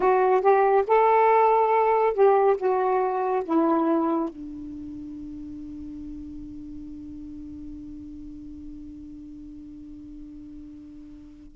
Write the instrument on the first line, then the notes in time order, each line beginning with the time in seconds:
saxophone
0.00 F#4
0.41 G4
0.86 A4
2.14 G4
2.57 F#4
3.44 E4
4.29 D4